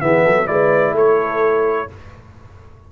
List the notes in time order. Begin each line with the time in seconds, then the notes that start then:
0.00 E3 B3 G#4 E5
0.25 F#3 A4
0.46 G#3 E4 B4 D5
0.93 A3 A4 C#5